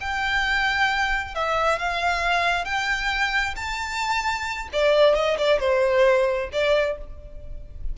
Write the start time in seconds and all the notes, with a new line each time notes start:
0.00 G5
1.35 E5
1.79 F5
2.65 G5
3.56 A5
4.72 D5
5.14 D#5
5.38 D5
5.59 C5
6.52 D5